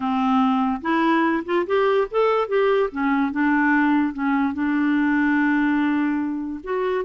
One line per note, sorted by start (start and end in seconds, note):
0.00 0.81 C4
0.81 1.43 E4
1.45 1.66 F4
1.66 2.07 G4
2.10 2.48 A4
2.48 2.89 G4
2.91 3.31 C#4
3.31 4.13 D4
4.13 4.53 C#4
4.53 6.60 D4
6.63 7.04 F#4